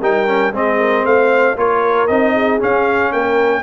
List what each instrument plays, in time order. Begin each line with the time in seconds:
0.00 tuba G3, trombone D#4, horn A#4, trumpet G5
0.27 trombone C#4
0.52 tuba G#3, trombone C4, horn G#4, trumpet D#5
0.80 horn A#4
1.05 tuba A3, horn C5, trumpet F5
1.57 tuba A#3, trombone F4, horn A#4, trumpet C#5
2.07 tuba C4, trombone D#4, trumpet D#5
2.34 horn G#4
2.59 trombone C#4, tuba C#4, trumpet F5
3.12 tuba A#3, horn A#4, trumpet G5